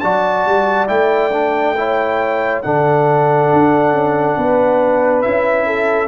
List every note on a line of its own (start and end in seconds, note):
0.00 0.46 F#3
0.00 0.87 F#4
0.00 1.76 D5
0.00 0.87 A5
0.46 0.89 G3
0.87 2.63 A3
0.87 1.31 E4
0.87 2.62 G5
1.32 1.76 D4
1.77 2.64 E4
1.77 2.65 C#5
2.62 3.53 D3
2.62 5.25 D4
2.62 4.39 A4
2.62 5.22 F#5
3.53 3.93 D4
3.93 4.36 C#4
4.37 5.24 B3
4.37 5.66 B4
5.22 6.08 C#4
5.22 6.08 E4
5.22 6.08 E5
5.66 6.08 A4